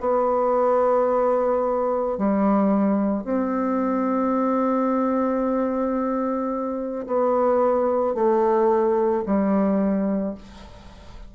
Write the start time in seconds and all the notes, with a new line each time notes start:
0.00 B3
2.17 G3
3.24 C4
7.06 B3
8.14 A3
9.25 G3